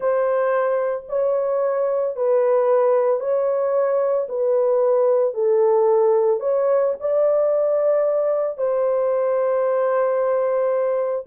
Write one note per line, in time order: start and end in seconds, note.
0.00 1.05 C5
1.08 2.16 C#5
2.16 3.20 B4
3.20 4.27 C#5
4.29 5.34 B4
5.34 6.40 A4
6.40 6.93 C#5
7.00 8.57 D5
8.57 11.25 C5